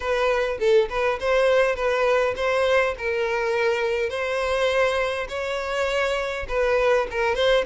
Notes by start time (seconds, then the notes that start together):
0.00 B4
0.59 A4
0.89 B4
1.20 C5
1.75 B4
2.36 C5
2.98 A#4
4.09 C5
5.28 C#5
6.48 B4
7.10 A#4
7.35 C5